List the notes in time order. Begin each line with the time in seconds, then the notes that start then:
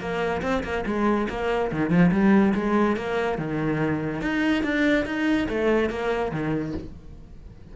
0.00 A#3
0.42 C4
0.64 A#3
0.86 G#3
1.29 A#3
1.72 D#3
1.90 F3
2.12 G3
2.55 G#3
2.97 A#3
3.38 D#3
4.21 D#4
4.63 D4
5.06 D#4
5.49 A3
5.90 A#3
6.32 D#3